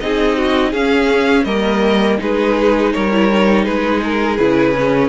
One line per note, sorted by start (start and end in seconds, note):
0.00 0.73 C4
0.00 0.75 D#4
0.00 0.38 G#4
0.00 0.73 D#5
0.38 0.71 F#4
0.71 1.45 C#4
0.71 1.46 C#4
0.71 1.44 G#4
0.71 1.44 F5
1.44 2.18 G3
1.44 2.18 A#3
1.44 2.20 A#4
1.44 2.18 D#5
2.18 2.94 G#3
2.18 3.10 D#4
2.18 2.94 G#4
2.18 2.93 B4
2.93 3.67 G3
2.93 3.64 A#4
2.93 3.64 C#5
3.12 3.30 E4
3.30 4.38 D#4
3.64 4.39 G#3
3.64 5.09 G#4
3.64 4.01 B4
4.03 4.37 A#4
4.37 5.09 C#3
4.37 4.75 E4
4.37 5.09 B4
4.75 5.09 C#4